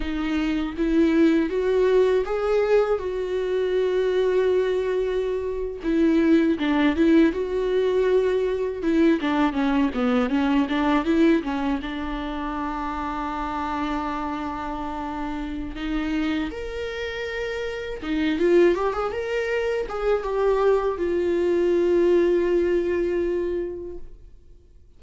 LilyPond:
\new Staff \with { instrumentName = "viola" } { \time 4/4 \tempo 4 = 80 dis'4 e'4 fis'4 gis'4 | fis'2.~ fis'8. e'16~ | e'8. d'8 e'8 fis'2 e'16~ | e'16 d'8 cis'8 b8 cis'8 d'8 e'8 cis'8 d'16~ |
d'1~ | d'4 dis'4 ais'2 | dis'8 f'8 g'16 gis'16 ais'4 gis'8 g'4 | f'1 | }